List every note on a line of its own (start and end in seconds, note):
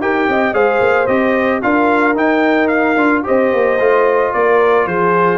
0.00 0.27 D#4
0.00 0.53 G4
0.00 0.29 A#4
0.00 0.54 G5
0.28 0.53 C4
0.28 0.54 D#5
0.53 0.80 G#3
0.53 1.07 G#4
0.53 1.62 C5
0.53 1.06 F5
0.80 1.07 A#3
1.06 1.62 C4
1.06 1.62 G4
1.06 1.60 D#5
1.62 2.16 D4
1.62 2.15 F4
1.62 3.25 A#4
1.62 2.16 F5
2.15 2.96 D#4
2.15 2.97 D#4
2.15 2.67 G5
2.67 3.22 F5
2.97 3.24 D4
2.97 3.23 F4
3.23 3.52 C4
3.23 3.77 G4
3.23 4.33 C5
3.23 4.33 D#5
3.52 3.79 A#3
3.79 4.33 A3
3.79 5.38 F4
4.33 4.86 A#3
4.33 4.87 A#4
4.33 4.87 D5
4.86 5.38 F3
4.86 5.38 G#4
4.86 5.38 C5